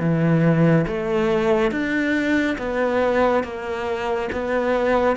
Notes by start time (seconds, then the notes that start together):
0.00 E3
0.87 A3
1.71 D4
2.58 B3
3.44 A#3
4.32 B3